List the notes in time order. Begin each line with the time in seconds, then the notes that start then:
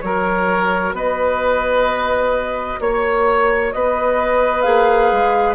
0.00 F#3 F#4 A#4 C#5
0.92 B3 B4 D#5
2.80 A#3 C#5
3.72 B3 B4 D#5
4.61 A#3 G#4 F5
5.12 G#3